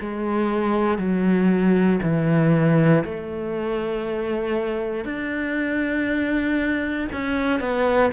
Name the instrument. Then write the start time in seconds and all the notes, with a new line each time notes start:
cello
0.00 G#3
0.98 F#3
2.02 E3
3.04 A3
5.05 D4
7.12 C#4
7.60 B3